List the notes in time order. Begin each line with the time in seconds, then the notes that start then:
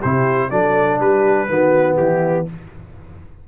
0.00 C3 E4 G4 C5
0.51 F#3 D4 A4 D5
1.00 G3 G4 B4
1.48 D#3 B3 F#4
1.97 E3 E4 G4